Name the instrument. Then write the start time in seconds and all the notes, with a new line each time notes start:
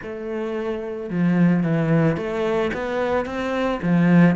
cello
0.02 A3
1.10 F3
1.63 E3
2.16 A3
2.73 B3
3.25 C4
3.82 F3